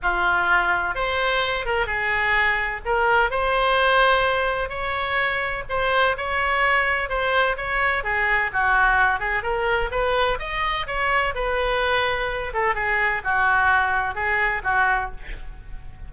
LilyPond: \new Staff \with { instrumentName = "oboe" } { \time 4/4 \tempo 4 = 127 f'2 c''4. ais'8 | gis'2 ais'4 c''4~ | c''2 cis''2 | c''4 cis''2 c''4 |
cis''4 gis'4 fis'4. gis'8 | ais'4 b'4 dis''4 cis''4 | b'2~ b'8 a'8 gis'4 | fis'2 gis'4 fis'4 | }